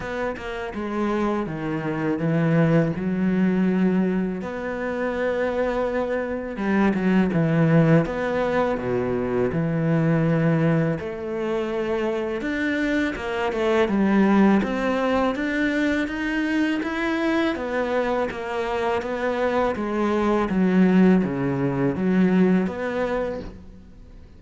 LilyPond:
\new Staff \with { instrumentName = "cello" } { \time 4/4 \tempo 4 = 82 b8 ais8 gis4 dis4 e4 | fis2 b2~ | b4 g8 fis8 e4 b4 | b,4 e2 a4~ |
a4 d'4 ais8 a8 g4 | c'4 d'4 dis'4 e'4 | b4 ais4 b4 gis4 | fis4 cis4 fis4 b4 | }